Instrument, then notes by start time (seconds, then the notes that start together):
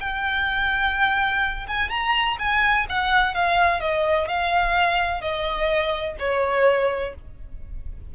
violin
0.00 G5
1.68 G#5
1.89 A#5
2.39 G#5
2.89 F#5
3.35 F5
3.81 D#5
4.28 F5
5.21 D#5
6.19 C#5